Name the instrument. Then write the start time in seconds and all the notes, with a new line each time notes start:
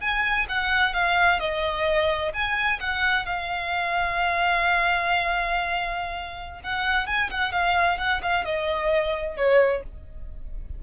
violin
0.00 G#5
0.49 F#5
0.93 F5
1.40 D#5
2.33 G#5
2.80 F#5
3.25 F5
6.63 F#5
7.07 G#5
7.30 F#5
7.52 F5
7.98 F#5
8.22 F5
8.44 D#5
9.37 C#5